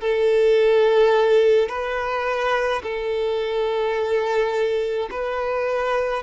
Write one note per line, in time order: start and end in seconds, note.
0.00 1.68 A4
1.68 2.81 B4
2.83 5.09 A4
5.10 6.23 B4